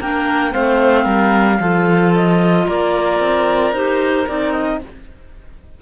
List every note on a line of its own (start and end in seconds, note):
0.00 0.54 A#3
0.00 0.52 D4
0.00 0.53 A#4
0.00 0.53 G5
0.52 1.05 A3
0.52 1.59 C4
0.52 1.05 C5
0.52 2.14 F5
1.05 1.59 G3
1.05 1.58 A#4
1.60 2.67 F3
1.60 3.74 F4
1.60 2.66 A4
2.15 2.68 D#5
2.66 3.20 A#3
2.66 4.80 A#4
2.66 3.74 D5
3.20 3.73 C4
3.73 4.26 D#4
3.73 4.26 G4
3.73 4.27 C5
4.26 4.82 C4
4.26 4.79 D#4
4.26 4.52 D5
4.52 4.79 D#5